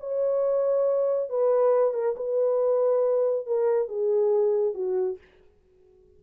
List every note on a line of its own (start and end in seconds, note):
0.00 1.30 C#5
1.30 1.94 B4
1.94 2.16 A#4
2.17 3.46 B4
3.46 3.88 A#4
3.88 4.75 G#4
4.75 5.18 F#4